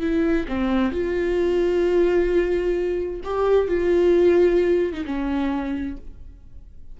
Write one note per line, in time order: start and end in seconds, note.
0.00 0.46 E4
0.48 0.92 C4
0.92 3.21 F4
3.24 3.68 G4
3.68 4.93 F4
4.93 5.04 D#4
5.05 5.97 C#4